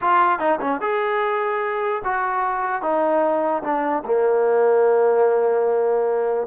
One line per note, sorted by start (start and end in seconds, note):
0.01 0.39 F4
0.39 0.59 D#4
0.60 0.80 C#4
0.80 2.02 G#4
2.04 2.82 F#4
2.82 3.63 D#4
3.63 4.03 D4
4.04 6.47 A#3